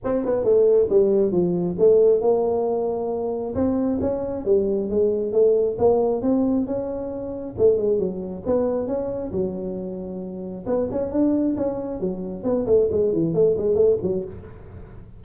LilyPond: \new Staff \with { instrumentName = "tuba" } { \time 4/4 \tempo 4 = 135 c'8 b8 a4 g4 f4 | a4 ais2. | c'4 cis'4 g4 gis4 | a4 ais4 c'4 cis'4~ |
cis'4 a8 gis8 fis4 b4 | cis'4 fis2. | b8 cis'8 d'4 cis'4 fis4 | b8 a8 gis8 e8 a8 gis8 a8 fis8 | }